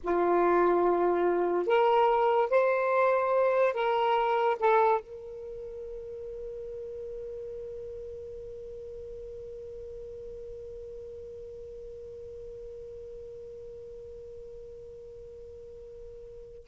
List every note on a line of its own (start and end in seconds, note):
0.03 1.66 F4
1.66 2.50 A#4
2.50 3.73 C5
3.73 4.56 A#4
4.59 5.00 A4
5.00 16.67 A#4